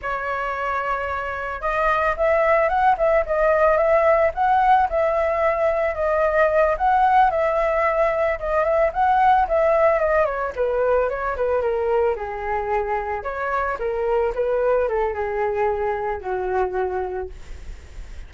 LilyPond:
\new Staff \with { instrumentName = "flute" } { \time 4/4 \tempo 4 = 111 cis''2. dis''4 | e''4 fis''8 e''8 dis''4 e''4 | fis''4 e''2 dis''4~ | dis''8 fis''4 e''2 dis''8 |
e''8 fis''4 e''4 dis''8 cis''8 b'8~ | b'8 cis''8 b'8 ais'4 gis'4.~ | gis'8 cis''4 ais'4 b'4 a'8 | gis'2 fis'2 | }